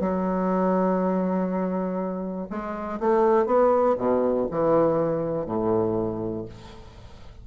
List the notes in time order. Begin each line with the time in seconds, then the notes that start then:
0.00 F#3
2.50 G#3
3.00 A3
3.46 B3
3.98 B2
4.51 E3
5.46 A2